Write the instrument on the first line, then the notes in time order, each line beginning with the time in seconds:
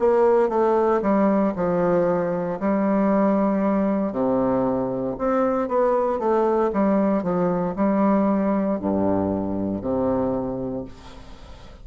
bassoon
0.00 A#3
0.49 A3
1.02 G3
1.56 F3
2.60 G3
4.13 C3
5.19 C4
5.69 B3
6.19 A3
6.73 G3
7.24 F3
7.76 G3
8.80 G2
9.82 C3